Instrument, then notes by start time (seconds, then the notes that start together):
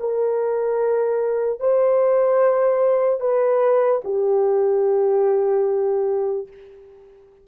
horn
0.00 A#4
1.60 C5
3.20 B4
4.04 G4